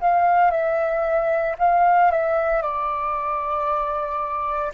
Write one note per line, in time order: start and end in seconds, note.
0.00 0.51 F5
0.51 1.56 E5
1.58 2.11 F5
2.11 2.62 E5
2.62 4.72 D5